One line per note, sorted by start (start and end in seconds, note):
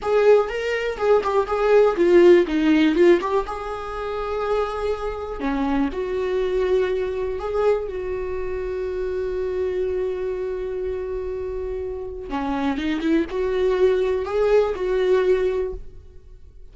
0.02 0.49 G#4
0.49 0.97 A#4
0.97 1.22 G#4
1.23 1.46 G4
1.46 1.96 G#4
1.96 2.45 F4
2.47 2.95 D#4
2.95 3.19 F4
3.21 3.45 G4
3.46 5.40 G#4
5.40 5.89 C#4
5.92 7.39 F#4
7.39 7.88 G#4
7.88 12.29 F#4
12.29 12.77 C#4
12.77 13.00 D#4
13.00 13.25 E4
13.29 14.25 F#4
14.25 14.74 G#4
14.75 15.73 F#4